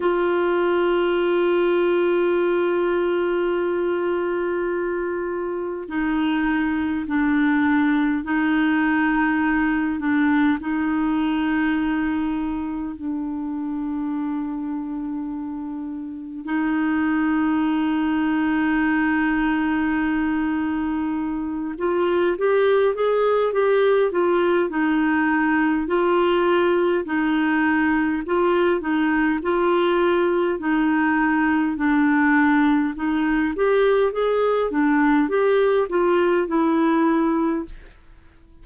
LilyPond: \new Staff \with { instrumentName = "clarinet" } { \time 4/4 \tempo 4 = 51 f'1~ | f'4 dis'4 d'4 dis'4~ | dis'8 d'8 dis'2 d'4~ | d'2 dis'2~ |
dis'2~ dis'8 f'8 g'8 gis'8 | g'8 f'8 dis'4 f'4 dis'4 | f'8 dis'8 f'4 dis'4 d'4 | dis'8 g'8 gis'8 d'8 g'8 f'8 e'4 | }